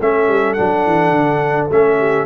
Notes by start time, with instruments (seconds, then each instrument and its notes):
0.00 tuba A3, trombone C#4, horn A4, trumpet E5
0.28 tuba G3
0.53 tuba F#3, trombone D4, trumpet F#5
0.86 tuba E3
1.11 tuba D3
1.70 tuba A3, trombone C#4, trumpet E5
1.98 horn G4